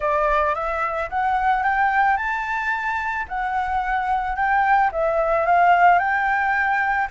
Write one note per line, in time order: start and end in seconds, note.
0.00 0.55 D5
0.55 1.09 E5
1.09 1.63 F#5
1.63 2.17 G5
2.17 3.26 A5
3.28 4.36 F#5
4.36 4.90 G5
4.91 5.46 E5
5.46 5.98 F5
5.98 7.07 G5